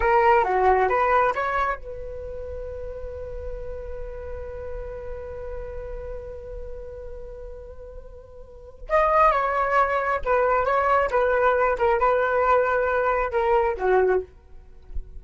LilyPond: \new Staff \with { instrumentName = "flute" } { \time 4/4 \tempo 4 = 135 ais'4 fis'4 b'4 cis''4 | b'1~ | b'1~ | b'1~ |
b'1 | dis''4 cis''2 b'4 | cis''4 b'4. ais'8 b'4~ | b'2 ais'4 fis'4 | }